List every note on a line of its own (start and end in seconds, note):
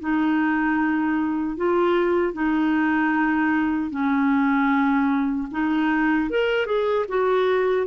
0.00 1.57 D#4
1.57 2.33 F4
2.33 3.91 D#4
3.91 5.49 C#4
5.52 6.30 D#4
6.30 6.66 A#4
6.66 7.06 G#4
7.09 7.87 F#4